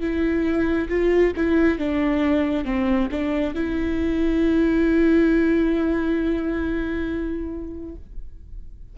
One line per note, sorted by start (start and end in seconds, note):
0.00 0.88 E4
0.89 1.33 F4
1.36 1.78 E4
1.78 2.65 D4
2.65 3.09 C4
3.11 3.54 D4
3.54 7.95 E4